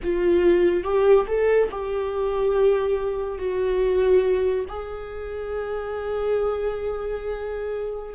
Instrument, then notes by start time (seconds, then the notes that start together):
viola
0.02 F4
0.83 G4
1.27 A4
1.71 G4
3.38 F#4
4.68 G#4